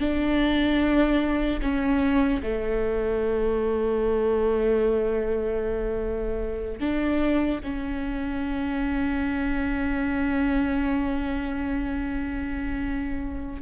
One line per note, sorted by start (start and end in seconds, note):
0.00 1.60 D4
1.62 2.42 C#4
2.43 6.81 A3
6.81 7.61 D4
7.64 13.62 C#4